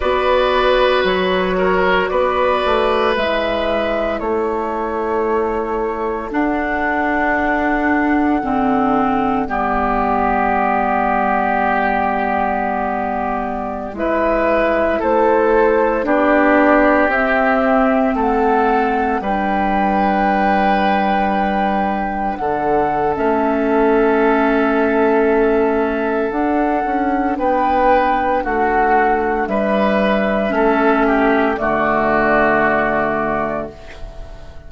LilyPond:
<<
  \new Staff \with { instrumentName = "flute" } { \time 4/4 \tempo 4 = 57 d''4 cis''4 d''4 e''4 | cis''2 fis''2~ | fis''4 d''2.~ | d''4~ d''16 e''4 c''4 d''8.~ |
d''16 e''4 fis''4 g''4.~ g''16~ | g''4~ g''16 fis''8. e''2~ | e''4 fis''4 g''4 fis''4 | e''2 d''2 | }
  \new Staff \with { instrumentName = "oboe" } { \time 4/4 b'4. ais'8 b'2 | a'1~ | a'4 g'2.~ | g'4~ g'16 b'4 a'4 g'8.~ |
g'4~ g'16 a'4 b'4.~ b'16~ | b'4~ b'16 a'2~ a'8.~ | a'2 b'4 fis'4 | b'4 a'8 g'8 fis'2 | }
  \new Staff \with { instrumentName = "clarinet" } { \time 4/4 fis'2. e'4~ | e'2 d'2 | c'4 b2.~ | b4~ b16 e'2 d'8.~ |
d'16 c'2 d'4.~ d'16~ | d'2 cis'2~ | cis'4 d'2.~ | d'4 cis'4 a2 | }
  \new Staff \with { instrumentName = "bassoon" } { \time 4/4 b4 fis4 b8 a8 gis4 | a2 d'2 | d4 g2.~ | g4~ g16 gis4 a4 b8.~ |
b16 c'4 a4 g4.~ g16~ | g4~ g16 d8. a2~ | a4 d'8 cis'8 b4 a4 | g4 a4 d2 | }
>>